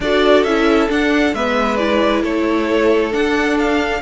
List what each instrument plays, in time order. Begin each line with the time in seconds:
0.00 cello D4, viola F#4, violin A4 D5
0.43 cello C#4, viola E4, violin E5
0.89 viola D4, cello D4, violin F#5
1.33 cello G#3, viola B3, violin B4 E5
1.76 viola E4, violin D5
2.22 cello A3, violin A4 C#5
3.11 viola D4, cello D4, violin F#5
3.58 violin F5